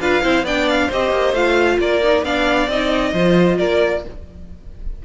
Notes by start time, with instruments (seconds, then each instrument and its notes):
0.00 cello D4, viola F4, violin B4 F5
0.22 cello C4, viola E4, violin C5
0.43 cello B3, viola D4, violin D5 G5
0.69 violin F5
0.87 cello C4, viola G4, violin C5 D#5
1.11 cello A#3
1.33 cello A3, viola F4, violin F5
1.79 cello A#3, violin A#4 D5
2.03 viola D#4
2.23 cello B3, viola D4, violin D5 F5
2.68 cello C4, viola D#4, violin D#5
3.13 cello F3, viola F4, violin C5
3.58 cello A#3, violin A#4 D5